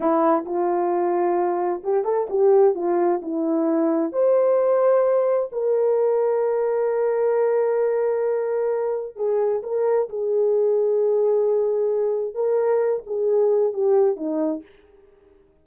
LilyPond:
\new Staff \with { instrumentName = "horn" } { \time 4/4 \tempo 4 = 131 e'4 f'2. | g'8 a'8 g'4 f'4 e'4~ | e'4 c''2. | ais'1~ |
ais'1 | gis'4 ais'4 gis'2~ | gis'2. ais'4~ | ais'8 gis'4. g'4 dis'4 | }